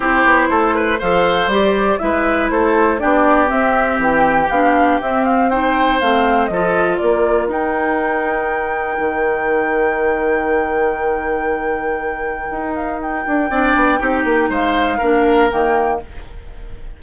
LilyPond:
<<
  \new Staff \with { instrumentName = "flute" } { \time 4/4 \tempo 4 = 120 c''2 f''4 d''4 | e''4 c''4 d''4 e''4 | g''4 f''4 e''8 f''8 g''4 | f''4 dis''4 d''4 g''4~ |
g''1~ | g''1~ | g''4. f''8 g''2~ | g''4 f''2 g''4 | }
  \new Staff \with { instrumentName = "oboe" } { \time 4/4 g'4 a'8 b'8 c''2 | b'4 a'4 g'2~ | g'2. c''4~ | c''4 a'4 ais'2~ |
ais'1~ | ais'1~ | ais'2. d''4 | g'4 c''4 ais'2 | }
  \new Staff \with { instrumentName = "clarinet" } { \time 4/4 e'2 a'4 g'4 | e'2 d'4 c'4~ | c'4 d'4 c'4 dis'4 | c'4 f'2 dis'4~ |
dis'1~ | dis'1~ | dis'2. d'4 | dis'2 d'4 ais4 | }
  \new Staff \with { instrumentName = "bassoon" } { \time 4/4 c'8 b8 a4 f4 g4 | gis4 a4 b4 c'4 | e4 b4 c'2 | a4 f4 ais4 dis'4~ |
dis'2 dis2~ | dis1~ | dis4 dis'4. d'8 c'8 b8 | c'8 ais8 gis4 ais4 dis4 | }
>>